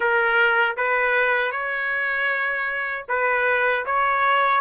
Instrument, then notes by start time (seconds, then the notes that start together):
trumpet
0.00 A#4
0.77 B4
1.51 C#5
3.08 B4
3.85 C#5